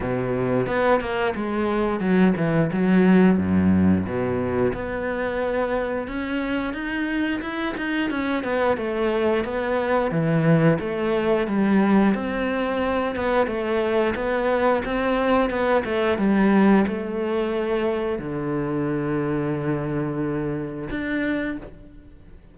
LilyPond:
\new Staff \with { instrumentName = "cello" } { \time 4/4 \tempo 4 = 89 b,4 b8 ais8 gis4 fis8 e8 | fis4 fis,4 b,4 b4~ | b4 cis'4 dis'4 e'8 dis'8 | cis'8 b8 a4 b4 e4 |
a4 g4 c'4. b8 | a4 b4 c'4 b8 a8 | g4 a2 d4~ | d2. d'4 | }